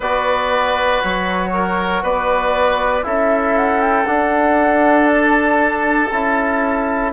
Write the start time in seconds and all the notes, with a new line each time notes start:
0.00 B3 F#4 B4 D5
1.01 F#3 C#5
1.53 A#4
2.02 B3 B4 D5
3.03 C#4 E4 A4 E5
3.57 F#5
3.81 G5
4.06 D4 F#5
5.07 A5
6.11 C#4 E4